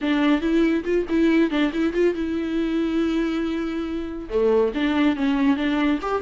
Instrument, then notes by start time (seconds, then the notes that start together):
viola
0.01 D4
0.41 E4
0.84 F4
1.09 E4
1.50 D4
1.73 E4
1.93 F4
2.14 E4
4.29 A3
4.74 D4
5.16 C#4
5.56 D4
6.01 G4